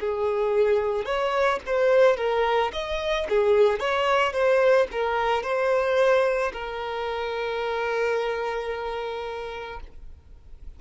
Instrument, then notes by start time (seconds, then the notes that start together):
violin
0.00 G#4
1.05 C#5
1.66 C5
2.17 A#4
2.73 D#5
3.29 G#4
3.79 C#5
4.33 C5
4.91 A#4
5.43 C5
6.53 A#4